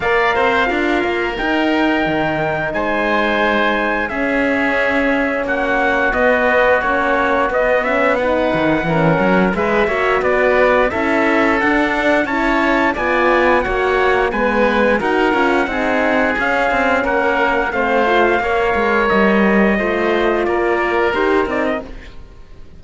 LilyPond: <<
  \new Staff \with { instrumentName = "trumpet" } { \time 4/4 \tempo 4 = 88 f''2 g''2 | gis''2 e''2 | fis''4 dis''4 cis''4 dis''8 e''8 | fis''2 e''4 d''4 |
e''4 fis''4 a''4 gis''4 | fis''4 gis''4 fis''2 | f''4 fis''4 f''2 | dis''2 d''4 c''8 d''16 dis''16 | }
  \new Staff \with { instrumentName = "oboe" } { \time 4/4 d''8 c''8 ais'2. | c''2 gis'2 | fis'1 | b'4 ais'4 b'8 cis''8 b'4 |
a'2 cis''4 d''4 | cis''4 b'4 ais'4 gis'4~ | gis'4 ais'4 c''4 cis''4~ | cis''4 c''4 ais'2 | }
  \new Staff \with { instrumentName = "horn" } { \time 4/4 ais'4 f'4 dis'2~ | dis'2 cis'2~ | cis'4 b4 cis'4 b8 cis'8 | dis'4 cis'4 gis'8 fis'4. |
e'4 d'4 e'4 f'4 | fis'4 b4 fis'8 f'8 dis'4 | cis'2 c'8 f'8 ais'4~ | ais'4 f'2 g'8 dis'8 | }
  \new Staff \with { instrumentName = "cello" } { \time 4/4 ais8 c'8 d'8 ais8 dis'4 dis4 | gis2 cis'2 | ais4 b4 ais4 b4~ | b8 dis8 e8 fis8 gis8 ais8 b4 |
cis'4 d'4 cis'4 b4 | ais4 gis4 dis'8 cis'8 c'4 | cis'8 c'8 ais4 a4 ais8 gis8 | g4 a4 ais4 dis'8 c'8 | }
>>